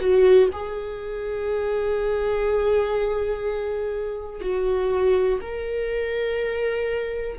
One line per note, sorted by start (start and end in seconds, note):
0.00 0.49 F#4
0.52 4.41 G#4
4.41 5.39 F#4
5.41 7.38 A#4